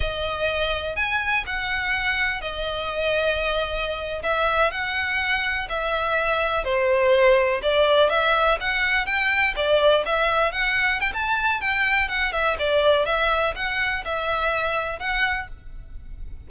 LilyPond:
\new Staff \with { instrumentName = "violin" } { \time 4/4 \tempo 4 = 124 dis''2 gis''4 fis''4~ | fis''4 dis''2.~ | dis''8. e''4 fis''2 e''16~ | e''4.~ e''16 c''2 d''16~ |
d''8. e''4 fis''4 g''4 d''16~ | d''8. e''4 fis''4 g''16 a''4 | g''4 fis''8 e''8 d''4 e''4 | fis''4 e''2 fis''4 | }